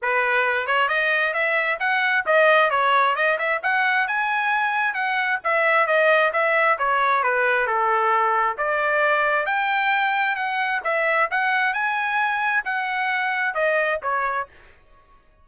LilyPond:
\new Staff \with { instrumentName = "trumpet" } { \time 4/4 \tempo 4 = 133 b'4. cis''8 dis''4 e''4 | fis''4 dis''4 cis''4 dis''8 e''8 | fis''4 gis''2 fis''4 | e''4 dis''4 e''4 cis''4 |
b'4 a'2 d''4~ | d''4 g''2 fis''4 | e''4 fis''4 gis''2 | fis''2 dis''4 cis''4 | }